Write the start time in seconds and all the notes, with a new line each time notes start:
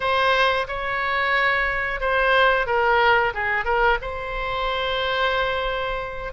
0.00 C5
0.67 C#5
2.00 C5
2.66 A#4
3.34 G#4
3.65 A#4
4.02 C5